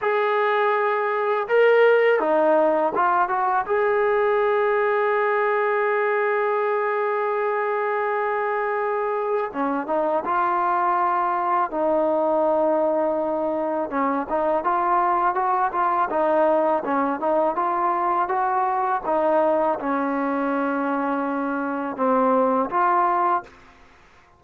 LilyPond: \new Staff \with { instrumentName = "trombone" } { \time 4/4 \tempo 4 = 82 gis'2 ais'4 dis'4 | f'8 fis'8 gis'2.~ | gis'1~ | gis'4 cis'8 dis'8 f'2 |
dis'2. cis'8 dis'8 | f'4 fis'8 f'8 dis'4 cis'8 dis'8 | f'4 fis'4 dis'4 cis'4~ | cis'2 c'4 f'4 | }